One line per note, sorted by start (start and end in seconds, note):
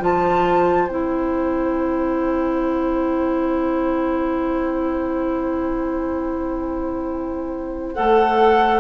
0.00 0.89 F3
0.00 0.88 F4
0.00 8.81 C5
0.00 0.89 A5
0.89 7.95 C4
0.89 7.96 E4
0.89 7.93 G5
7.93 8.81 A3
7.93 8.81 A4
7.93 8.81 F#5